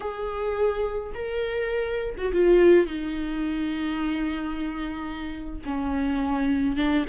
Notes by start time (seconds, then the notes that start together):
0.00 G#4
1.14 A#4
2.17 F#4
2.32 F4
2.86 D#4
5.65 C#4
6.76 D4